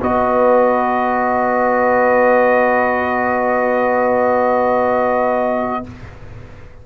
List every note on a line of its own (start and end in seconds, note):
0.00 5.84 B3
0.00 5.83 F#4
0.00 5.84 B4
0.00 5.86 D#5